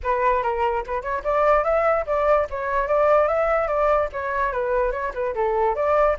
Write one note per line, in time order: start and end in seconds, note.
0.03 0.42 B4
0.42 0.83 A#4
0.86 1.02 B4
1.02 1.22 C#5
1.24 1.64 D5
1.64 2.05 E5
2.06 2.47 D5
2.50 2.87 C#5
2.87 3.28 D5
3.28 3.67 E5
3.67 4.08 D5
4.12 4.52 C#5
4.52 4.91 B4
4.91 5.12 C#5
5.14 5.34 B4
5.34 5.75 A4
5.75 6.16 D5